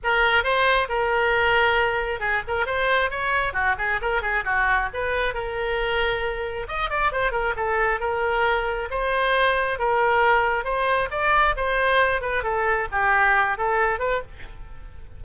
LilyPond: \new Staff \with { instrumentName = "oboe" } { \time 4/4 \tempo 4 = 135 ais'4 c''4 ais'2~ | ais'4 gis'8 ais'8 c''4 cis''4 | fis'8 gis'8 ais'8 gis'8 fis'4 b'4 | ais'2. dis''8 d''8 |
c''8 ais'8 a'4 ais'2 | c''2 ais'2 | c''4 d''4 c''4. b'8 | a'4 g'4. a'4 b'8 | }